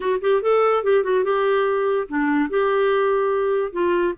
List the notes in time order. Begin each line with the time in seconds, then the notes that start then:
0.00 F#4
0.21 G4
0.41 A4
0.83 G4
1.03 F#4
1.24 G4
2.08 D4
2.49 G4
3.72 F4